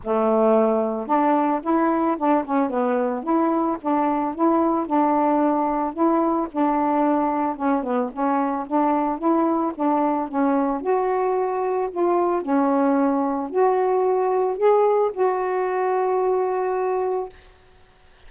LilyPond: \new Staff \with { instrumentName = "saxophone" } { \time 4/4 \tempo 4 = 111 a2 d'4 e'4 | d'8 cis'8 b4 e'4 d'4 | e'4 d'2 e'4 | d'2 cis'8 b8 cis'4 |
d'4 e'4 d'4 cis'4 | fis'2 f'4 cis'4~ | cis'4 fis'2 gis'4 | fis'1 | }